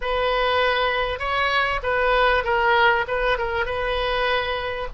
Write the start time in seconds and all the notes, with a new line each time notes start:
0.01 B4
1.19 C#5
1.83 B4
2.44 A#4
3.07 B4
3.38 A#4
3.65 B4